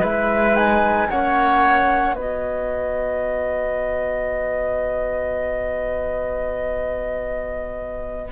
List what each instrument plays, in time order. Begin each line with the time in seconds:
0.00 cello G#3, trombone E4, oboe B4, flute E5
0.56 trombone D#4, flute G#5
1.10 cello A#3, trombone C#4, oboe C#5, flute F#5
2.15 cello B3, trombone F#4, oboe B4, flute D#5